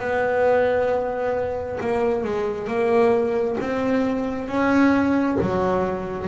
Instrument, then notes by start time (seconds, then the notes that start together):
double bass
0.00 B3
1.81 A#3
2.24 G#3
2.68 A#3
3.61 C4
4.49 C#4
5.41 F#3